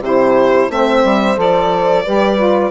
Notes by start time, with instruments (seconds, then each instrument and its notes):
0.00 bassoon C3, saxophone E4, horn G4, violin C5
0.70 bassoon A3, saxophone C4, horn C5, violin E5
1.04 bassoon G3
1.36 bassoon F3, saxophone A4, violin D5
2.04 bassoon G3, saxophone G4, horn B4
2.37 saxophone F4